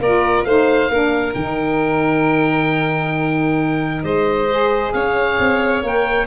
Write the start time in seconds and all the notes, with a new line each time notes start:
0.00 A#3 F4 A#4 D5
0.44 A3 D#4 C5 F5
0.89 A#3 D4 A#4
1.34 D#3 D#4 G5
4.04 G#3 C5 D#5
4.50 G#4
4.93 C#4 C#5 F5
5.39 C4
5.83 A#3 A#4 G5